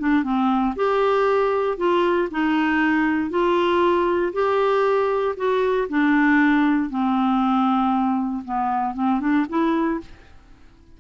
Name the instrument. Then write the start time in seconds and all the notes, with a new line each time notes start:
clarinet
0.00 D4
0.24 C4
0.76 G4
1.78 F4
2.31 D#4
3.31 F4
4.33 G4
5.37 F#4
5.89 D4
6.90 C4
8.45 B3
8.95 C4
9.21 D4
9.49 E4